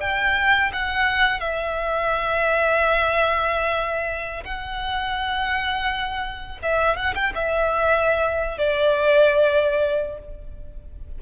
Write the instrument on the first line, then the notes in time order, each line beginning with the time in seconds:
violin
0.00 G5
0.72 F#5
1.40 E5
4.44 F#5
6.62 E5
6.96 F#5
7.15 G5
7.34 E5
8.57 D5